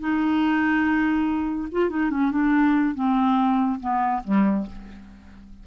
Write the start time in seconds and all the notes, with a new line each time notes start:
0.00 D#4
1.72 F4
1.90 D#4
2.11 C#4
2.32 D4
2.95 C4
3.81 B3
4.24 G3